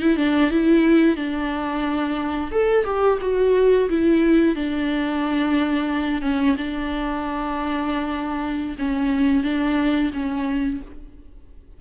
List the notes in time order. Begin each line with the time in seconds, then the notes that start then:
0.00 E4
0.17 D4
0.51 E4
1.16 D4
2.51 A4
2.85 G4
3.21 F#4
3.89 E4
4.55 D4
6.22 C#4
6.57 D4
8.78 C#4
9.44 D4
10.13 C#4